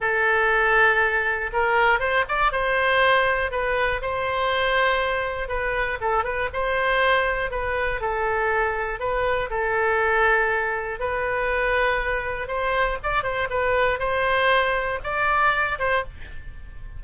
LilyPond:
\new Staff \with { instrumentName = "oboe" } { \time 4/4 \tempo 4 = 120 a'2. ais'4 | c''8 d''8 c''2 b'4 | c''2. b'4 | a'8 b'8 c''2 b'4 |
a'2 b'4 a'4~ | a'2 b'2~ | b'4 c''4 d''8 c''8 b'4 | c''2 d''4. c''8 | }